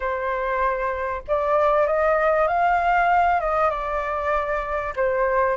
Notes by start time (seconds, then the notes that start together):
0.00 C5
1.27 D5
1.86 D#5
2.47 F5
3.40 D#5
3.69 D5
4.95 C5